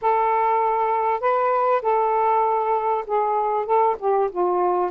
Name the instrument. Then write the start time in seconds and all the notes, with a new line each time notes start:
saxophone
0.01 A4
1.20 B4
1.82 A4
3.06 G#4
3.65 A4
3.99 G4
4.31 F4